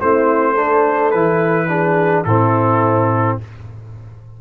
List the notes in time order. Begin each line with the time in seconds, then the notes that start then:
0.00 A3 C4 E4 C5
0.54 D4 A4
1.11 E3 E4 B4
1.68 D4 G#4
2.24 A2 C4 E4 A4